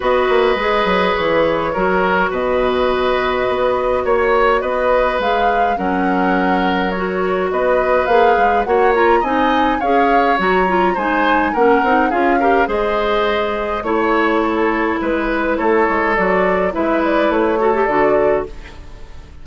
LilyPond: <<
  \new Staff \with { instrumentName = "flute" } { \time 4/4 \tempo 4 = 104 dis''2 cis''2 | dis''2. cis''4 | dis''4 f''4 fis''2 | cis''4 dis''4 f''4 fis''8 ais''8 |
gis''4 f''4 ais''4 gis''4 | fis''4 f''4 dis''2 | cis''2 b'4 cis''4 | d''4 e''8 d''8 cis''4 d''4 | }
  \new Staff \with { instrumentName = "oboe" } { \time 4/4 b'2. ais'4 | b'2. cis''4 | b'2 ais'2~ | ais'4 b'2 cis''4 |
dis''4 cis''2 c''4 | ais'4 gis'8 ais'8 c''2 | cis''4 a'4 b'4 a'4~ | a'4 b'4. a'4. | }
  \new Staff \with { instrumentName = "clarinet" } { \time 4/4 fis'4 gis'2 fis'4~ | fis'1~ | fis'4 gis'4 cis'2 | fis'2 gis'4 fis'8 f'8 |
dis'4 gis'4 fis'8 f'8 dis'4 | cis'8 dis'8 f'8 g'8 gis'2 | e'1 | fis'4 e'4. fis'16 g'16 fis'4 | }
  \new Staff \with { instrumentName = "bassoon" } { \time 4/4 b8 ais8 gis8 fis8 e4 fis4 | b,2 b4 ais4 | b4 gis4 fis2~ | fis4 b4 ais8 gis8 ais4 |
c'4 cis'4 fis4 gis4 | ais8 c'8 cis'4 gis2 | a2 gis4 a8 gis8 | fis4 gis4 a4 d4 | }
>>